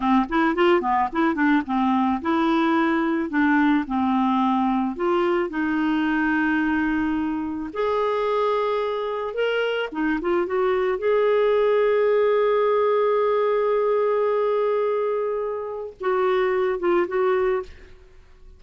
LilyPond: \new Staff \with { instrumentName = "clarinet" } { \time 4/4 \tempo 4 = 109 c'8 e'8 f'8 b8 e'8 d'8 c'4 | e'2 d'4 c'4~ | c'4 f'4 dis'2~ | dis'2 gis'2~ |
gis'4 ais'4 dis'8 f'8 fis'4 | gis'1~ | gis'1~ | gis'4 fis'4. f'8 fis'4 | }